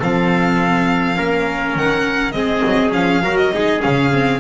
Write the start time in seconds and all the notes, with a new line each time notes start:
0.00 F3 C4 A4 F5
1.15 A#3 C#4 A#4
1.75 D#3 F#5
2.32 G#3 C4 G#4 D#5
2.66 F#3
2.92 F3 C#4 F5
3.23 F#3 F#4 A#4
3.37 D#5
3.54 G#3 D#4 G#4
3.81 C#3 C#4 F5
4.13 C4